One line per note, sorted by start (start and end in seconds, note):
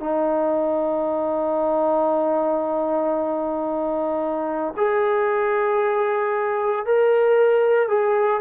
0.00 4.74 D#4
4.77 6.86 G#4
6.86 7.88 A#4
7.88 8.41 G#4